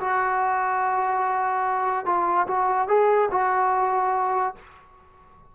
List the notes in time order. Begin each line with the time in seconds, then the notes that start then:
0.00 F#4
2.05 F4
2.47 F#4
2.88 G#4
3.31 F#4